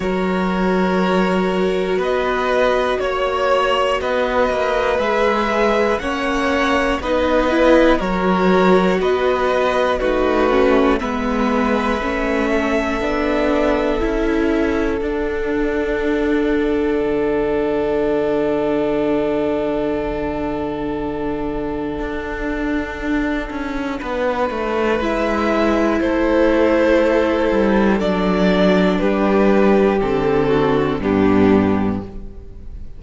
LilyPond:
<<
  \new Staff \with { instrumentName = "violin" } { \time 4/4 \tempo 4 = 60 cis''2 dis''4 cis''4 | dis''4 e''4 fis''4 dis''4 | cis''4 dis''4 b'4 e''4~ | e''2. fis''4~ |
fis''1~ | fis''1~ | fis''4 e''4 c''2 | d''4 b'4 a'4 g'4 | }
  \new Staff \with { instrumentName = "violin" } { \time 4/4 ais'2 b'4 cis''4 | b'2 cis''4 b'4 | ais'4 b'4 fis'4 b'4~ | b'8 a'2.~ a'8~ |
a'1~ | a'1 | b'2 a'2~ | a'4 g'4. fis'8 d'4 | }
  \new Staff \with { instrumentName = "viola" } { \time 4/4 fis'1~ | fis'4 gis'4 cis'4 dis'8 e'8 | fis'2 dis'8 cis'8 b4 | cis'4 d'4 e'4 d'4~ |
d'1~ | d'1~ | d'4 e'2. | d'2 c'4 b4 | }
  \new Staff \with { instrumentName = "cello" } { \time 4/4 fis2 b4 ais4 | b8 ais8 gis4 ais4 b4 | fis4 b4 a4 gis4 | a4 b4 cis'4 d'4~ |
d'4 d2.~ | d2 d'4. cis'8 | b8 a8 gis4 a4. g8 | fis4 g4 d4 g,4 | }
>>